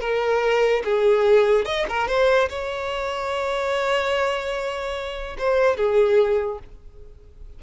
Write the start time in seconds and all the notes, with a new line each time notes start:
0.00 A#4
0.84 G#4
1.65 D#5
1.88 A#4
2.07 C5
2.49 C#5
5.38 C5
5.76 G#4